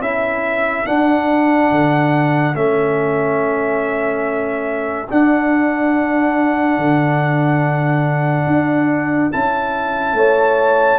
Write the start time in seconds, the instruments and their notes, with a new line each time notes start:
0.00 tuba C#4, trombone E4, horn A4, trumpet E5
0.85 trombone D4, tuba D4, trumpet F#5
1.71 tuba D3
2.54 tuba A3, trombone C#4, trumpet E5
5.10 trombone D4, tuba D4, trumpet F#5
6.77 tuba D3
8.46 tuba D4
9.31 tuba C#4, trombone E4, trumpet A5
10.13 tuba A3, horn C#5